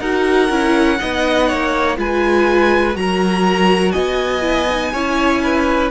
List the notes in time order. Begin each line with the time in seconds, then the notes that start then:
0.00 D#4 F#4 A#4 F#5
0.50 C#4 E4
0.99 B3 D#4 D#5
1.48 A#3 C#5
1.97 G#3 F4 B4 G#5
2.94 F#3 F#4 A#4 A#5
3.92 B3 D#5 G#5
4.42 E4
4.69 D#4
4.93 C#4 E4 C#5
5.43 B4